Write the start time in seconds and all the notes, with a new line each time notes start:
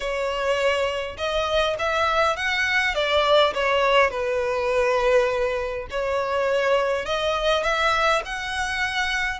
0.00 C#5
1.17 D#5
1.78 E5
2.36 F#5
2.94 D5
3.54 C#5
4.10 B4
5.90 C#5
7.05 D#5
7.63 E5
8.25 F#5